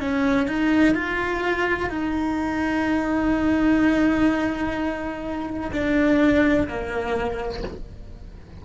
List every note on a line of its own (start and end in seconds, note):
0.00 0.48 C#4
0.48 0.94 D#4
0.94 1.90 F4
1.90 5.71 D#4
5.72 6.68 D4
6.68 7.63 A#3